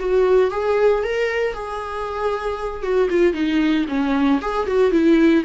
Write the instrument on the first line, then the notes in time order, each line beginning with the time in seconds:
viola
0.00 F#4
0.51 G#4
1.04 A#4
1.54 G#4
2.83 F#4
3.10 F4
3.34 D#4
3.88 C#4
4.42 G#4
4.67 F#4
4.92 E4